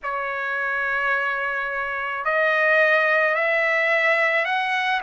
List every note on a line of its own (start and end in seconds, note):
0.03 2.25 C#5
2.25 3.34 D#5
3.34 4.44 E5
4.44 5.00 F#5